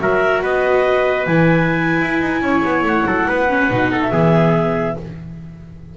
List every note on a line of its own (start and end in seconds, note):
0.00 0.43 F#3
0.00 1.27 F#4
0.00 0.43 A#4
0.00 0.43 E5
0.43 1.27 B3
0.43 2.43 B4
0.43 1.26 D#5
1.26 2.01 E3
1.26 3.49 E4
1.26 2.85 G#5
2.02 2.21 E4
2.21 2.42 D#4
2.42 2.63 C#4
2.42 3.07 C#5
2.64 2.83 B3
2.83 3.04 A3
2.83 4.02 F#5
3.06 3.27 F#3
3.06 3.28 A4
3.28 3.71 B3
3.28 3.92 B4
3.49 3.70 C#4
3.70 4.12 B2
3.70 4.11 D#4
3.92 4.12 A4
4.02 4.97 E5
4.11 4.97 E3
4.11 4.96 B3
4.11 4.97 G#4